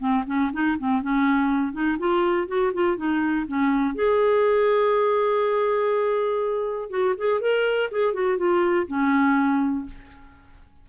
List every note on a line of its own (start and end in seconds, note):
0.00 0.25 C4
0.27 0.51 C#4
0.53 0.78 D#4
0.79 1.02 C4
1.02 1.73 C#4
1.73 1.98 D#4
1.99 2.48 F4
2.48 2.73 F#4
2.74 2.97 F4
2.97 3.46 D#4
3.48 3.95 C#4
3.95 6.90 G#4
6.90 7.15 F#4
7.18 7.41 G#4
7.41 7.90 A#4
7.92 8.14 G#4
8.14 8.38 F#4
8.38 8.87 F4
8.87 9.86 C#4